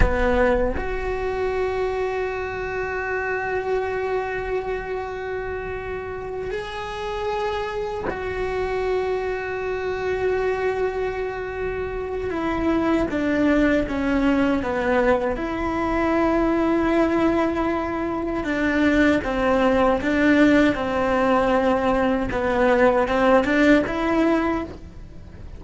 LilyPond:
\new Staff \with { instrumentName = "cello" } { \time 4/4 \tempo 4 = 78 b4 fis'2.~ | fis'1~ | fis'8 gis'2 fis'4.~ | fis'1 |
e'4 d'4 cis'4 b4 | e'1 | d'4 c'4 d'4 c'4~ | c'4 b4 c'8 d'8 e'4 | }